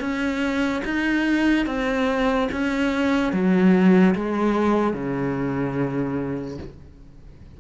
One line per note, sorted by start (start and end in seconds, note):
0.00 0.82 C#4
0.84 1.66 D#4
1.66 2.48 C4
2.51 3.33 C#4
3.33 4.15 F#3
4.15 4.93 G#3
4.93 6.58 C#3